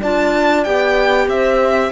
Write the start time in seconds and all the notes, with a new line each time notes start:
0.00 D4 F4 D5 A5
0.64 B3 G4 G5
1.27 C4 C5 E5